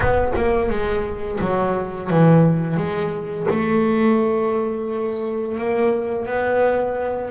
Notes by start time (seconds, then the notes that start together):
0.00 B3
0.36 A#3
0.69 G#3
1.40 F#3
2.10 E3
2.77 G#3
3.49 A3
5.58 A#3
6.26 B3